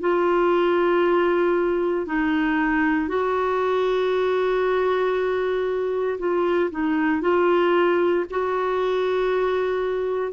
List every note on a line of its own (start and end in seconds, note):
0.00 2.06 F4
2.06 3.08 D#4
3.08 6.18 F#4
6.19 6.71 F4
6.71 7.21 D#4
7.21 8.25 F4
8.30 10.33 F#4